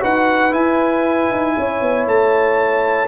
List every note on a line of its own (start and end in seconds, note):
0.00 0.53 D#4
0.00 0.51 F#4
0.00 1.55 B4
0.00 0.53 F#5
0.51 3.08 E4
0.51 1.30 E4
0.51 2.07 G#5
1.31 1.56 D#4
1.57 1.81 C#4
1.57 3.08 C#5
1.81 2.07 B3
2.07 3.08 A3
2.07 3.08 A5